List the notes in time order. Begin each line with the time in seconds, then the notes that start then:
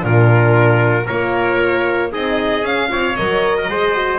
0.00 A#2 D4 F4 A#4
1.05 A#3 F4 A#4 C#5
2.11 C4 D#4 G#4 D#5
2.63 C#4 F5
2.88 C4 F4 C#5
3.15 F#3 A#4 D#5
3.57 A#4
3.68 G#3 G#4 C5
3.94 F#4